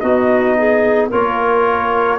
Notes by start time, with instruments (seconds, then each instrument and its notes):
0.00 tuba B3, trombone D#4, clarinet F#4, trumpet D#5
0.57 clarinet G#4
1.09 tuba A#3, trombone F4, clarinet A#4, trumpet C#5